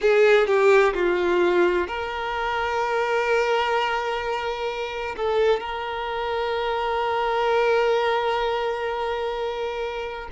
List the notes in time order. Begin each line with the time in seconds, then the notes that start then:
0.01 G#4
0.46 G4
0.94 F4
1.87 A#4
5.16 A4
5.60 A#4